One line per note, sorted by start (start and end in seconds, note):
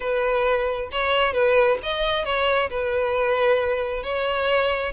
0.00 0.89 B4
0.91 1.33 C#5
1.33 1.77 B4
1.82 2.24 D#5
2.24 2.69 C#5
2.69 4.03 B4
4.03 4.92 C#5